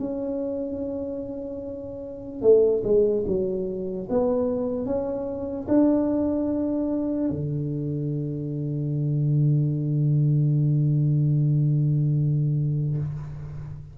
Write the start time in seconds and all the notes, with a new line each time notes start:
0.00 C#4
2.42 A3
2.84 G#3
3.27 F#3
4.10 B3
4.86 C#4
5.69 D4
7.30 D3